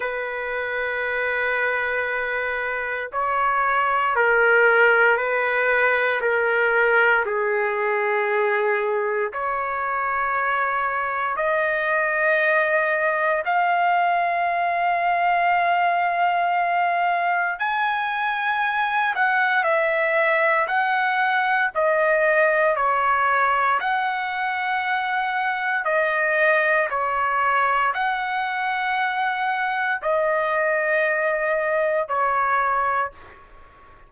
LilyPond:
\new Staff \with { instrumentName = "trumpet" } { \time 4/4 \tempo 4 = 58 b'2. cis''4 | ais'4 b'4 ais'4 gis'4~ | gis'4 cis''2 dis''4~ | dis''4 f''2.~ |
f''4 gis''4. fis''8 e''4 | fis''4 dis''4 cis''4 fis''4~ | fis''4 dis''4 cis''4 fis''4~ | fis''4 dis''2 cis''4 | }